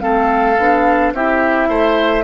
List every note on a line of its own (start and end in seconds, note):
0.00 0.58 A3
0.00 0.56 C4
0.00 1.13 A4
0.00 1.11 F5
0.58 1.12 B3
0.58 1.15 D4
1.12 1.68 C4
1.12 2.23 E4
1.12 1.68 G4
1.12 2.23 E5
1.68 2.23 A3
1.68 2.23 C5